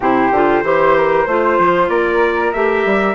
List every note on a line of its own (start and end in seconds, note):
0.00 0.31 C3
0.00 0.32 E4
0.00 0.63 G4
0.00 1.88 C5
0.31 0.62 D3
0.31 0.63 F4
0.62 1.25 E3
0.62 1.26 G4
0.62 0.96 C5
0.96 1.26 A#4
1.26 1.58 A3
1.26 2.54 F4
1.26 1.89 C5
1.58 1.89 F3
1.88 2.52 A#3
1.88 3.15 A#4
1.88 2.52 D5
2.52 2.85 A3
2.52 3.15 G4
2.52 3.15 E5
2.85 3.15 G3